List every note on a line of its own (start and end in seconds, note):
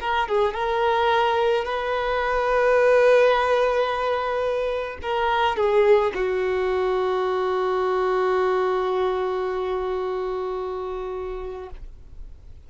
0.00 0.28 A#4
0.28 0.54 G#4
0.54 1.64 A#4
1.64 4.97 B4
5.02 5.57 A#4
5.57 6.12 G#4
6.14 11.70 F#4